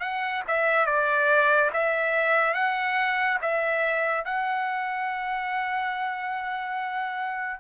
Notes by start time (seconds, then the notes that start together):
0.00 F#5
0.47 E5
0.86 D5
1.73 E5
2.54 F#5
3.41 E5
4.25 F#5